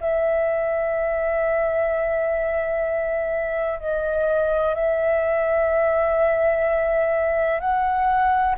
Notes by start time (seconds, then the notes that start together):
0.00 E5
3.80 D#5
4.75 E5
7.60 F#5